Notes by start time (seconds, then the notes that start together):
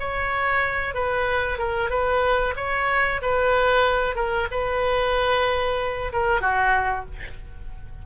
0.00 C#5
0.94 B4
1.58 A#4
1.90 B4
2.57 C#5
3.22 B4
4.16 A#4
4.51 B4
6.13 A#4
6.41 F#4